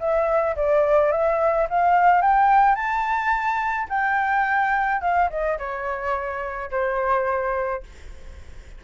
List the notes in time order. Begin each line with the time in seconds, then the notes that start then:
0.00 E5
0.57 D5
1.12 E5
1.70 F5
2.22 G5
2.76 A5
3.90 G5
5.02 F5
5.31 D#5
5.59 C#5
6.71 C5